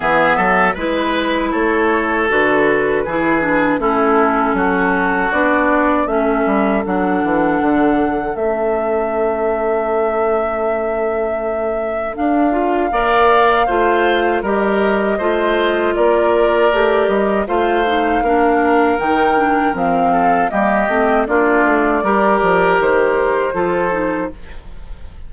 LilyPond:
<<
  \new Staff \with { instrumentName = "flute" } { \time 4/4 \tempo 4 = 79 e''4 b'4 cis''4 b'4~ | b'4 a'2 d''4 | e''4 fis''2 e''4~ | e''1 |
f''2. dis''4~ | dis''4 d''4. dis''8 f''4~ | f''4 g''4 f''4 dis''4 | d''2 c''2 | }
  \new Staff \with { instrumentName = "oboe" } { \time 4/4 gis'8 a'8 b'4 a'2 | gis'4 e'4 fis'2 | a'1~ | a'1~ |
a'4 d''4 c''4 ais'4 | c''4 ais'2 c''4 | ais'2~ ais'8 a'8 g'4 | f'4 ais'2 a'4 | }
  \new Staff \with { instrumentName = "clarinet" } { \time 4/4 b4 e'2 fis'4 | e'8 d'8 cis'2 d'4 | cis'4 d'2 cis'4~ | cis'1 |
d'8 f'8 ais'4 f'4 g'4 | f'2 g'4 f'8 dis'8 | d'4 dis'8 d'8 c'4 ais8 c'8 | d'4 g'2 f'8 dis'8 | }
  \new Staff \with { instrumentName = "bassoon" } { \time 4/4 e8 fis8 gis4 a4 d4 | e4 a4 fis4 b4 | a8 g8 fis8 e8 d4 a4~ | a1 |
d'4 ais4 a4 g4 | a4 ais4 a8 g8 a4 | ais4 dis4 f4 g8 a8 | ais8 a8 g8 f8 dis4 f4 | }
>>